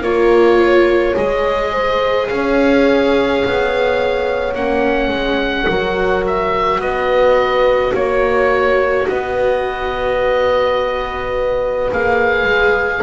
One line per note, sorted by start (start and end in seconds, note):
0.00 1.14 A#3
0.00 1.14 F4
0.00 0.57 A#4
0.00 1.16 C#5
0.60 1.72 C#5
1.14 2.29 G#3
1.14 4.54 G#4
1.14 2.28 D#5
1.72 2.28 C5
2.28 3.43 C#4
2.28 5.69 C#5
2.28 4.54 F5
3.45 4.55 B3
4.54 5.09 A#3
4.54 5.69 C#4
4.54 6.24 F#5
5.09 5.65 G#3
5.69 6.79 F#3
5.69 11.90 F#4
5.69 6.80 A#4
6.26 6.81 E5
6.79 7.92 B3
6.79 7.93 B4
6.79 7.94 D#5
7.94 9.07 A#3
7.94 9.07 C#5
7.94 9.08 C#5
9.08 11.91 B3
9.08 13.02 B4
9.08 11.91 D#5
11.90 12.44 A#3
11.90 13.02 G#4
11.90 13.02 F5
12.44 13.00 G#3